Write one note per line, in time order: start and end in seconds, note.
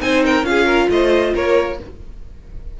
0.00 0.43 C4
0.00 0.44 D#4
0.00 0.24 C5
0.00 0.23 G#5
0.24 0.47 A#4
0.24 0.45 G5
0.43 0.87 C#4
0.43 1.76 F4
0.43 0.89 F5
0.49 0.65 G#4
0.65 0.87 A#4
0.89 1.33 A3
0.89 1.34 C5
0.89 1.34 D#5
1.34 1.79 A#3
1.34 1.78 A#4
1.34 1.80 C#5